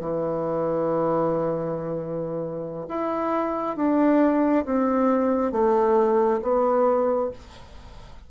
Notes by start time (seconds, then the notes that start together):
0.00 E3
2.88 E4
3.77 D4
4.65 C4
5.52 A3
6.42 B3